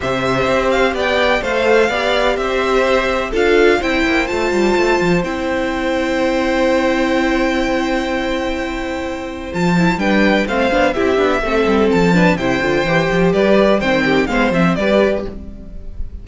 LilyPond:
<<
  \new Staff \with { instrumentName = "violin" } { \time 4/4 \tempo 4 = 126 e''4. f''8 g''4 f''4~ | f''4 e''2 f''4 | g''4 a''2 g''4~ | g''1~ |
g''1 | a''4 g''4 f''4 e''4~ | e''4 a''4 g''2 | d''4 g''4 f''8 e''8 d''4 | }
  \new Staff \with { instrumentName = "violin" } { \time 4/4 c''2 d''4 c''4 | d''4 c''2 a'4 | c''1~ | c''1~ |
c''1~ | c''4 b'4 c''4 g'4 | a'4. b'8 c''2 | b'4 c''8 g'8 c''4 b'4 | }
  \new Staff \with { instrumentName = "viola" } { \time 4/4 g'2. a'4 | g'2. f'4 | e'4 f'2 e'4~ | e'1~ |
e'1 | f'8 e'8 d'4 c'8 d'8 e'8 d'8 | c'4. d'8 e'8 f'8 g'4~ | g'4 c'4 b8 c'8 g'4 | }
  \new Staff \with { instrumentName = "cello" } { \time 4/4 c4 c'4 b4 a4 | b4 c'2 d'4 | c'8 ais8 a8 g8 a8 f8 c'4~ | c'1~ |
c'1 | f4 g4 a8 b8 c'8 b8 | a8 g8 f4 c8 d8 e8 f8 | g4 dis4 gis8 f8 g4 | }
>>